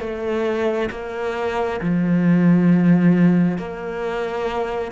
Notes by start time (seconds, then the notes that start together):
0.00 A3
0.91 A#3
1.81 F3
3.58 A#3